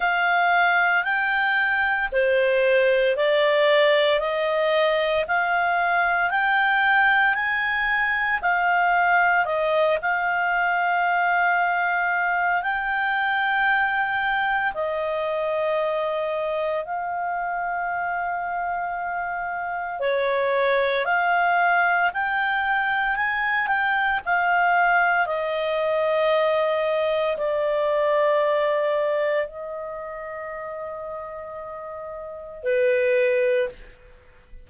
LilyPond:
\new Staff \with { instrumentName = "clarinet" } { \time 4/4 \tempo 4 = 57 f''4 g''4 c''4 d''4 | dis''4 f''4 g''4 gis''4 | f''4 dis''8 f''2~ f''8 | g''2 dis''2 |
f''2. cis''4 | f''4 g''4 gis''8 g''8 f''4 | dis''2 d''2 | dis''2. b'4 | }